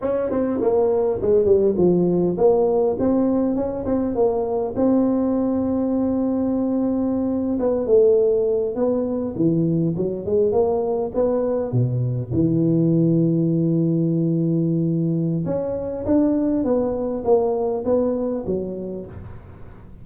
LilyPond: \new Staff \with { instrumentName = "tuba" } { \time 4/4 \tempo 4 = 101 cis'8 c'8 ais4 gis8 g8 f4 | ais4 c'4 cis'8 c'8 ais4 | c'1~ | c'8. b8 a4. b4 e16~ |
e8. fis8 gis8 ais4 b4 b,16~ | b,8. e2.~ e16~ | e2 cis'4 d'4 | b4 ais4 b4 fis4 | }